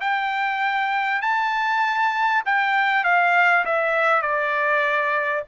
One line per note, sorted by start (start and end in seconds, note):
0.00 1.21 G5
1.21 2.43 A5
2.45 3.04 G5
3.04 3.65 F5
3.65 4.22 E5
4.22 5.43 D5